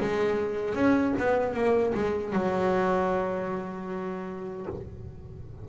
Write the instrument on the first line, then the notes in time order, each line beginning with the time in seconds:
double bass
0.00 G#3
0.75 C#4
1.19 B3
1.54 A#3
1.94 G#3
2.33 F#3